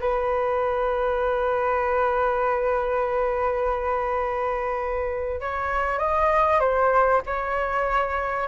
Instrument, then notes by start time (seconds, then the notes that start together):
flute
0.00 B4
5.40 C#5
5.99 D#5
6.60 C5
7.26 C#5